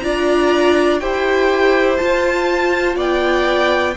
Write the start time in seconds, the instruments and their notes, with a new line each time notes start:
0.00 cello D4, viola F4, violin D5 A#5
1.00 cello E4, viola G4, violin C5 G5
1.97 viola F4, cello F4, violin A5
2.96 cello B3, violin D5 G5